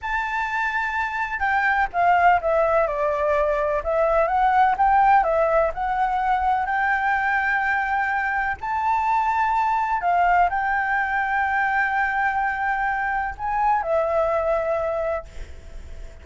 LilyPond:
\new Staff \with { instrumentName = "flute" } { \time 4/4 \tempo 4 = 126 a''2. g''4 | f''4 e''4 d''2 | e''4 fis''4 g''4 e''4 | fis''2 g''2~ |
g''2 a''2~ | a''4 f''4 g''2~ | g''1 | gis''4 e''2. | }